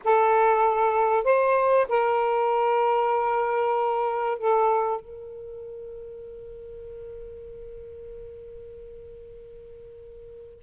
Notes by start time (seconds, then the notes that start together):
0.04 A4
1.24 C5
1.88 A#4
4.38 A4
5.00 A#4